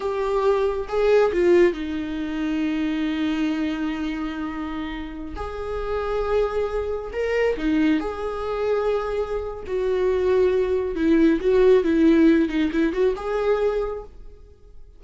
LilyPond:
\new Staff \with { instrumentName = "viola" } { \time 4/4 \tempo 4 = 137 g'2 gis'4 f'4 | dis'1~ | dis'1~ | dis'16 gis'2.~ gis'8.~ |
gis'16 ais'4 dis'4 gis'4.~ gis'16~ | gis'2 fis'2~ | fis'4 e'4 fis'4 e'4~ | e'8 dis'8 e'8 fis'8 gis'2 | }